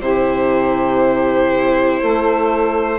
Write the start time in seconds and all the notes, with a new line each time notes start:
0.00 C3 E4 G4 C5
2.00 A3 A4